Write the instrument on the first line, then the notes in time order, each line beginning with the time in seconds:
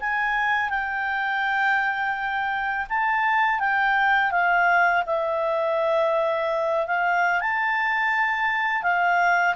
clarinet
0.00 G#5
0.70 G5
2.89 A5
3.60 G5
4.31 F5
5.06 E5
6.87 F5
7.41 A5
8.83 F5